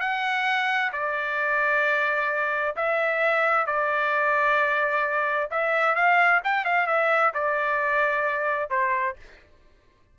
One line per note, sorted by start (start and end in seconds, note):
0.00 0.92 F#5
0.92 2.76 D5
2.76 3.66 E5
3.66 5.50 D5
5.51 5.95 E5
5.95 6.41 F5
6.44 6.65 G5
6.65 6.87 F5
6.87 7.33 E5
7.34 8.70 D5
8.70 9.16 C5